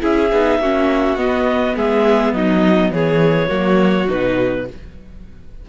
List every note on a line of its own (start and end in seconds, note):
0.00 0.32 C#4
0.00 0.29 E4
0.00 0.60 G#4
0.00 1.18 E5
0.32 0.60 B3
0.32 0.63 D#4
0.60 1.17 A#3
0.60 1.18 C#4
0.60 1.76 F#4
1.17 1.75 B3
1.17 3.49 B3
1.17 1.76 D#5
1.76 2.33 G#3
1.76 2.35 G#4
1.76 2.34 E5
2.33 2.91 F#3
2.33 2.93 D#4
2.33 2.92 D#5
2.91 3.49 E3
2.91 3.49 G#4
2.91 4.09 C#5
3.49 4.09 F#3
3.49 4.07 A#3
3.49 4.65 F#4
4.08 4.69 B2
4.08 4.67 D#4
4.08 4.68 B4